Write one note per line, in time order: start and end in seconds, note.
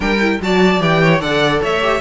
0.00 0.40 G3
0.00 0.18 D4
0.00 0.40 A#4
0.00 0.41 G5
0.20 0.40 E4
0.40 0.80 F#3
0.40 0.79 F#4
0.40 1.02 D5
0.40 0.82 A5
0.79 1.20 E3
0.79 1.19 G4
0.79 1.20 G5
1.02 1.21 C#5
1.20 1.61 D3
1.20 1.81 A4
1.20 1.61 D5
1.20 1.61 F#5
1.61 2.00 A3
1.61 2.00 C#5
1.61 2.00 E5
1.81 2.00 G4